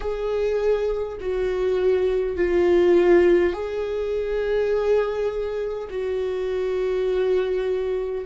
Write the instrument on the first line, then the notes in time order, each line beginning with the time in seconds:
viola
0.00 G#4
1.20 F#4
2.36 F4
3.53 G#4
5.90 F#4